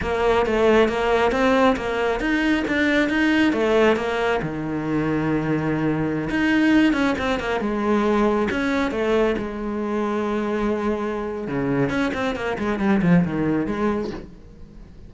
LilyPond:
\new Staff \with { instrumentName = "cello" } { \time 4/4 \tempo 4 = 136 ais4 a4 ais4 c'4 | ais4 dis'4 d'4 dis'4 | a4 ais4 dis2~ | dis2~ dis16 dis'4. cis'16~ |
cis'16 c'8 ais8 gis2 cis'8.~ | cis'16 a4 gis2~ gis8.~ | gis2 cis4 cis'8 c'8 | ais8 gis8 g8 f8 dis4 gis4 | }